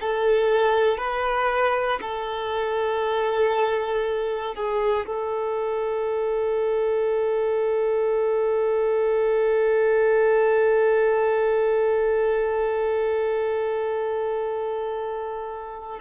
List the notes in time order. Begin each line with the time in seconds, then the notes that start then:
0.00 A4
0.98 B4
2.01 A4
4.55 G#4
5.06 A4